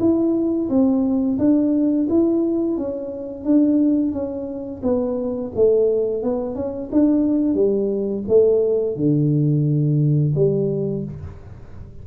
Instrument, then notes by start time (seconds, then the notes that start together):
tuba
0.00 E4
0.69 C4
1.39 D4
2.09 E4
2.77 C#4
3.45 D4
4.12 C#4
4.83 B3
5.55 A3
6.23 B3
6.55 C#4
6.92 D4
7.55 G3
8.28 A3
8.96 D3
10.35 G3